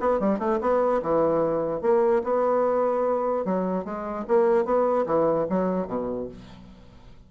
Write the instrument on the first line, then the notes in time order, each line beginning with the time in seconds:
bassoon
0.00 B3
0.20 G3
0.39 A3
0.61 B3
1.02 E3
1.81 A#3
2.24 B3
3.45 F#3
3.84 G#3
4.28 A#3
4.65 B3
5.06 E3
5.49 F#3
5.87 B2